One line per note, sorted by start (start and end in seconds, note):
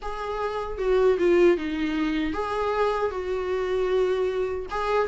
0.02 0.78 G#4
0.78 1.17 F#4
1.18 1.57 F4
1.57 2.33 D#4
2.33 3.10 G#4
3.10 4.66 F#4
4.70 5.07 G#4